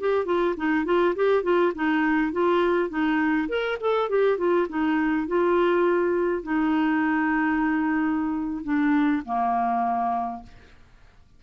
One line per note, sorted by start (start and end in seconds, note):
0.00 0.25 G4
0.25 0.55 F4
0.56 0.85 D#4
0.85 1.14 F4
1.15 1.43 G4
1.43 1.72 F4
1.75 2.32 D#4
2.32 2.89 F4
2.89 3.48 D#4
3.48 3.78 A#4
3.80 4.09 A4
4.09 4.37 G4
4.37 4.67 F4
4.69 5.27 D#4
5.27 6.43 F4
6.43 8.63 D#4
8.63 9.22 D4
9.25 10.43 A#3